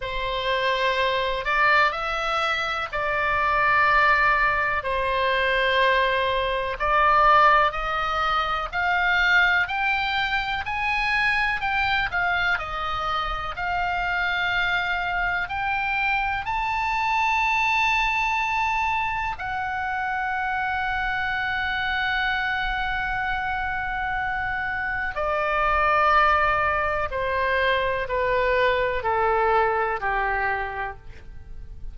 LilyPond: \new Staff \with { instrumentName = "oboe" } { \time 4/4 \tempo 4 = 62 c''4. d''8 e''4 d''4~ | d''4 c''2 d''4 | dis''4 f''4 g''4 gis''4 | g''8 f''8 dis''4 f''2 |
g''4 a''2. | fis''1~ | fis''2 d''2 | c''4 b'4 a'4 g'4 | }